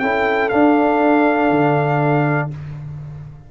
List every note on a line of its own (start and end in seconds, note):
0.00 0.52 C#4
0.00 0.51 E4
0.00 2.52 A4
0.00 0.50 G5
0.50 2.51 D4
0.50 1.51 D4
0.50 2.50 F5
1.51 2.51 D3